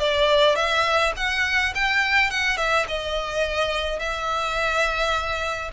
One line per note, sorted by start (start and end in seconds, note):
0.00 0.56 D5
0.56 1.13 E5
1.17 1.74 F#5
1.75 2.31 G5
2.31 2.58 F#5
2.58 2.86 E5
2.88 3.99 D#5
3.99 5.71 E5